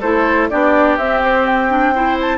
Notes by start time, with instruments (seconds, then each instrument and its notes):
0.00 bassoon A3, clarinet E4, oboe A4, flute C5
0.49 bassoon B3, clarinet D4, oboe G4, flute D5
0.97 bassoon C4, clarinet C4, flute E5
1.24 flute C5
1.46 flute G5
1.69 clarinet D4
1.94 clarinet E4, oboe C5
2.21 flute A5